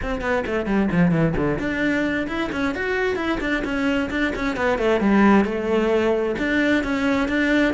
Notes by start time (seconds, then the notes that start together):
0.02 C4
0.21 B3
0.46 A3
0.66 G3
0.91 F3
1.11 E3
1.36 D3
1.58 D4
2.27 E4
2.52 C#4
2.74 F#4
3.16 E4
3.40 D4
3.64 C#4
4.10 D4
4.35 C#4
4.56 B3
4.78 A3
5.00 G3
5.44 A3
6.38 D4
6.83 C#4
7.28 D4